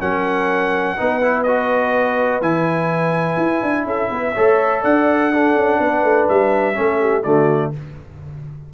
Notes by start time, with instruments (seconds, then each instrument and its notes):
0.00 tuba F#3, trombone C#4, horn A#4, trumpet F#5
0.97 tuba B3, trombone D#4, horn B4
1.22 trombone E4
1.43 trombone F#4, trumpet D#5
2.41 tuba E3, trombone E4, trumpet G#5
3.37 tuba E4
3.63 tuba D4
3.85 tuba C#4, horn A4, trumpet E5
4.10 tuba B3, horn B4
4.34 tuba A3, trombone A4, horn C#5
4.82 tuba D4, horn D5, trumpet F#5
5.32 trombone D4, horn A4
5.56 tuba C#4
5.80 tuba B3, horn B4
6.04 tuba A3
6.29 tuba G3, trumpet E5
6.74 tuba A3, trombone C#4, horn A4
7.01 horn G4
7.23 tuba D3, trombone A3, horn F#4, trumpet D5